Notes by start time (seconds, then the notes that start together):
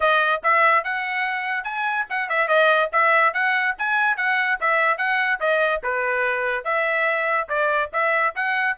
0.00 D#5
0.43 E5
0.84 F#5
1.64 G#5
2.09 F#5
2.29 E5
2.48 D#5
2.92 E5
3.33 F#5
3.78 G#5
4.17 F#5
4.60 E5
4.97 F#5
5.40 D#5
5.83 B4
6.64 E5
7.48 D5
7.92 E5
8.35 F#5